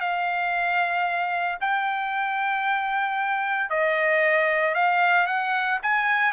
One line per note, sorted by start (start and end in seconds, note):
0.00 1.58 F5
1.60 3.70 G5
3.70 4.75 D#5
4.75 5.27 F5
5.27 5.79 F#5
5.82 6.32 G#5